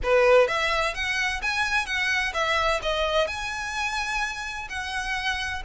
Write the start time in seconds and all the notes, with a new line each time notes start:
0.03 B4
0.47 E5
0.94 F#5
1.42 G#5
1.86 F#5
2.33 E5
2.82 D#5
3.27 G#5
4.69 F#5